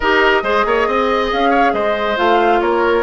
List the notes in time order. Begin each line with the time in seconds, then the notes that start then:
0.00 D#4 G4 A#4 D#5
0.42 G#3 G#4 C5
0.65 A#3 C#5
0.87 C4 D#5
1.32 C#4 F5
1.49 C#5
1.73 G#3 C5 D#5
2.16 A3 F4 F5
2.60 A#3 A#4 C#5